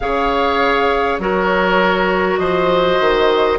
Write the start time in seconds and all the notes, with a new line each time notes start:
0.00 C#3 G#4 C#5 F5
1.18 F#3 F#4 A#4 C#5
2.37 F3 C5 D#5
3.00 D#3